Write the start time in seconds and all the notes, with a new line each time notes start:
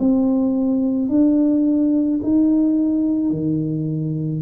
0.00 C4
1.10 D4
2.23 D#4
3.31 D#3